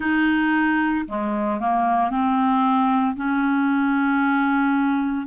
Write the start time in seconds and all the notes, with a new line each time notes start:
0.00 D#4
1.07 G#3
1.59 A#3
2.10 C4
3.16 C#4